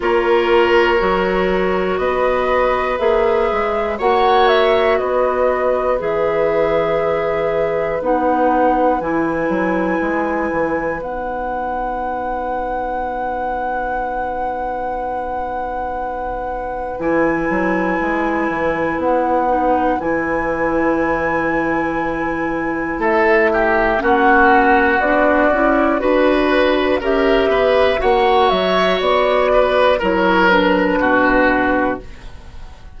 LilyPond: <<
  \new Staff \with { instrumentName = "flute" } { \time 4/4 \tempo 4 = 60 cis''2 dis''4 e''4 | fis''8 e''8 dis''4 e''2 | fis''4 gis''2 fis''4~ | fis''1~ |
fis''4 gis''2 fis''4 | gis''2. e''4 | fis''4 d''4 b'4 e''4 | fis''8 e''8 d''4 cis''8 b'4. | }
  \new Staff \with { instrumentName = "oboe" } { \time 4/4 ais'2 b'2 | cis''4 b'2.~ | b'1~ | b'1~ |
b'1~ | b'2. a'8 g'8 | fis'2 b'4 ais'8 b'8 | cis''4. b'8 ais'4 fis'4 | }
  \new Staff \with { instrumentName = "clarinet" } { \time 4/4 f'4 fis'2 gis'4 | fis'2 gis'2 | dis'4 e'2 dis'4~ | dis'1~ |
dis'4 e'2~ e'8 dis'8 | e'1 | cis'4 d'8 e'8 fis'4 g'4 | fis'2 e'8 d'4. | }
  \new Staff \with { instrumentName = "bassoon" } { \time 4/4 ais4 fis4 b4 ais8 gis8 | ais4 b4 e2 | b4 e8 fis8 gis8 e8 b4~ | b1~ |
b4 e8 fis8 gis8 e8 b4 | e2. a4 | ais4 b8 cis'8 d'4 cis'8 b8 | ais8 fis8 b4 fis4 b,4 | }
>>